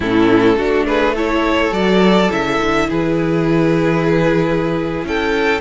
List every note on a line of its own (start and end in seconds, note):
0.00 0.55 A2
0.00 0.58 C#4
0.00 0.55 E4
0.00 0.86 A4
0.55 1.71 A3
0.55 1.15 D4
0.55 0.86 F#4
0.86 1.14 G#4
0.86 1.15 B4
1.14 1.72 E4
1.14 2.87 A4
1.14 1.73 C#5
1.72 2.29 F#3
1.72 2.29 F#4
1.72 2.31 D5
2.29 2.60 C#3
2.29 5.60 E4
2.29 2.89 E5
2.61 2.90 D3
2.89 5.04 E3
2.89 5.05 G#4
2.89 5.06 B4
5.04 5.60 C#4
5.04 5.60 A4
5.04 5.60 G5